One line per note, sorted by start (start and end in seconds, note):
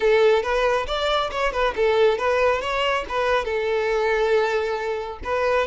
0.00 0.42 A4
0.42 0.86 B4
0.87 1.30 D5
1.31 1.52 C#5
1.52 1.74 B4
1.76 2.18 A4
2.18 2.61 B4
2.61 3.04 C#5
3.08 3.44 B4
3.44 5.18 A4
5.24 5.66 B4